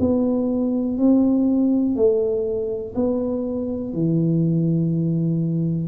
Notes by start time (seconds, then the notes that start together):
0.00 B3
0.97 C4
1.96 A3
2.95 B3
3.93 E3